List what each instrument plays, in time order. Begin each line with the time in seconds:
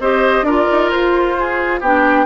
0.00 bassoon C4, clarinet G4, oboe C5, flute D#5
0.43 bassoon D4, clarinet F4, oboe A#4, flute D5
0.72 bassoon D#4
0.91 bassoon F4, flute C5
1.40 oboe G#4
1.81 bassoon B3, clarinet D4, oboe G4, flute G5